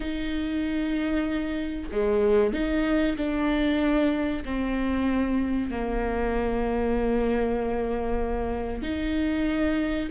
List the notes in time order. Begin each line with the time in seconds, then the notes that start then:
0.00 D#4
1.91 G#3
2.53 D#4
3.17 D4
4.44 C4
5.70 A#3
8.82 D#4